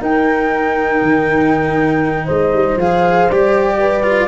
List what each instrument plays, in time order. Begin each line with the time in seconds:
0.00 tuba D#4, cello D#4, horn A#4, flute G5
1.02 tuba D#3
2.25 tuba G#3, horn C5, flute D#5
2.54 tuba G3
2.76 tuba F3, cello G#4, flute F5
3.30 tuba G3, cello G4, flute D5
3.79 horn B4
4.03 cello F4